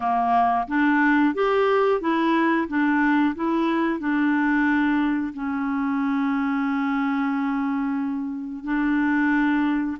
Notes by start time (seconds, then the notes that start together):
0.00 A#3
0.67 D4
1.34 G4
2.00 E4
2.68 D4
3.35 E4
3.99 D4
5.33 C#4
8.63 D4